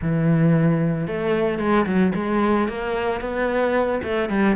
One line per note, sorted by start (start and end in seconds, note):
0.01 1.07 E3
1.07 1.59 A3
1.59 1.85 G#3
1.86 2.13 F#3
2.14 2.68 G#3
2.68 3.20 A#3
3.20 4.01 B3
4.03 4.29 A3
4.29 4.55 G3